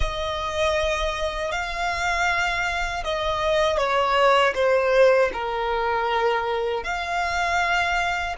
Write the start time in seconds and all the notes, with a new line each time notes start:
0.00 D#5
1.51 F5
3.04 D#5
3.77 C#5
4.54 C5
5.33 A#4
6.83 F5